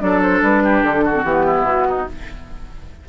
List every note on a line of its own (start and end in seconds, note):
0.00 0.42 F#3
0.00 1.13 D4
0.00 0.64 A4
0.00 0.21 D5
0.22 0.43 C5
0.42 0.83 G3
0.42 0.84 B4
0.64 1.05 G4
0.84 1.23 D3
0.84 1.25 A4
1.05 1.46 F#4
1.13 1.23 C4
1.23 1.61 E3
1.23 2.09 B3
1.23 1.66 G4
1.46 1.87 E4
1.61 2.03 B2
1.67 2.09 F#4
1.88 2.09 D#4